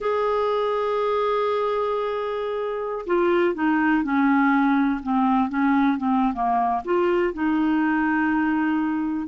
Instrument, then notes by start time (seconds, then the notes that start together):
clarinet
0.00 G#4
3.06 F4
3.54 D#4
4.03 C#4
5.02 C4
5.49 C#4
5.97 C4
6.33 A#3
6.84 F4
7.33 D#4